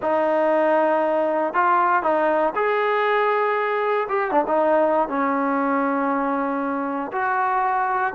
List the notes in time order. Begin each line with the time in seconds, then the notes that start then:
0.02 D#4
1.53 F4
2.02 D#4
2.55 G#4
4.08 G4
4.31 D4
4.47 D#4
5.08 C#4
7.12 F#4